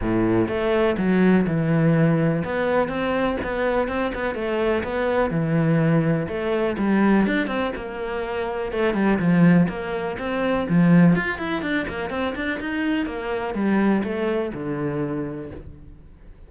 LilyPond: \new Staff \with { instrumentName = "cello" } { \time 4/4 \tempo 4 = 124 a,4 a4 fis4 e4~ | e4 b4 c'4 b4 | c'8 b8 a4 b4 e4~ | e4 a4 g4 d'8 c'8 |
ais2 a8 g8 f4 | ais4 c'4 f4 f'8 e'8 | d'8 ais8 c'8 d'8 dis'4 ais4 | g4 a4 d2 | }